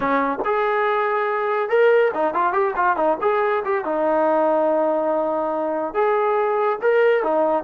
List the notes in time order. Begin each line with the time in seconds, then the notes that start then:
0.00 C#4
0.44 G#4
1.69 A#4
2.14 D#4
2.34 F4
2.52 G4
2.76 F4
2.96 D#4
3.21 G#4
3.64 G4
3.84 D#4
5.93 G#4
6.81 A#4
7.23 D#4